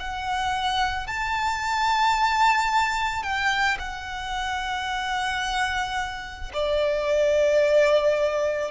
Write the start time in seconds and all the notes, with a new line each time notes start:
0.00 F#5
1.07 A5
3.23 G5
3.80 F#5
6.54 D5